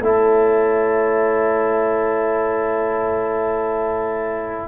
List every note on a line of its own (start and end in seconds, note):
0.00 4.67 A3
0.00 4.68 E4
0.00 4.68 C#5
0.00 4.68 A5